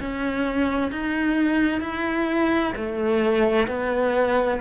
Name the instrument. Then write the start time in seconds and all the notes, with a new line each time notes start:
cello
0.00 C#4
0.92 D#4
1.81 E4
2.76 A3
3.68 B3